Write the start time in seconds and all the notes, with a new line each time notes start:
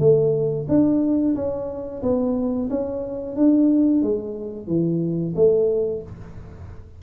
0.00 A3
0.69 D4
1.35 C#4
2.03 B3
2.70 C#4
3.36 D4
4.03 G#3
4.68 E3
5.36 A3